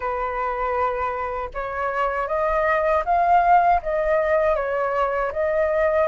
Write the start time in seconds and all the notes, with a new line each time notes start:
0.00 B4
1.54 C#5
2.28 D#5
3.05 F5
3.82 D#5
4.55 C#5
5.32 D#5